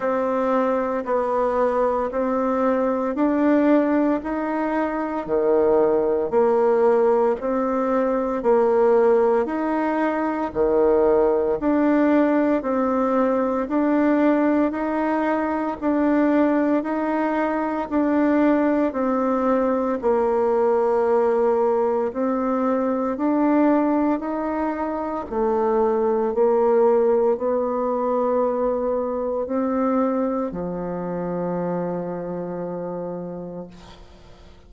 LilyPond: \new Staff \with { instrumentName = "bassoon" } { \time 4/4 \tempo 4 = 57 c'4 b4 c'4 d'4 | dis'4 dis4 ais4 c'4 | ais4 dis'4 dis4 d'4 | c'4 d'4 dis'4 d'4 |
dis'4 d'4 c'4 ais4~ | ais4 c'4 d'4 dis'4 | a4 ais4 b2 | c'4 f2. | }